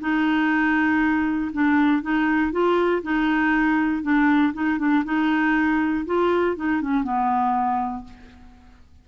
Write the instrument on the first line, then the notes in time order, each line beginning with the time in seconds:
clarinet
0.00 D#4
1.52 D4
2.02 D#4
2.52 F4
3.03 D#4
4.02 D4
4.53 D#4
4.79 D4
5.04 D#4
6.06 F4
6.56 D#4
6.81 C#4
7.03 B3